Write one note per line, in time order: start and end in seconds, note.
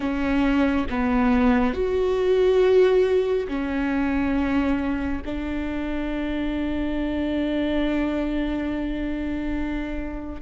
0.00 0.87 C#4
0.89 1.73 B3
1.73 3.47 F#4
3.48 5.22 C#4
5.25 10.42 D4